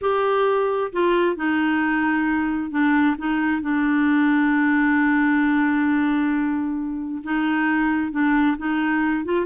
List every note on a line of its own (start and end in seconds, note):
0.01 0.91 G4
0.92 1.36 F4
1.36 2.70 D#4
2.70 3.15 D4
3.17 3.61 D#4
3.61 7.22 D4
7.23 8.11 D#4
8.11 8.57 D4
8.57 9.24 D#4
9.24 9.45 F4